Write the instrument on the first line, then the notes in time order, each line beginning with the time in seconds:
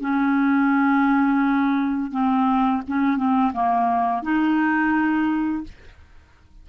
clarinet
0.00 C#4
2.11 C4
2.87 C#4
3.16 C4
3.53 A#3
4.22 D#4